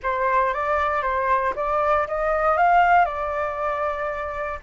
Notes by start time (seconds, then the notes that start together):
0.03 C5
0.53 D5
1.02 C5
1.55 D5
2.07 D#5
2.57 F5
3.05 D5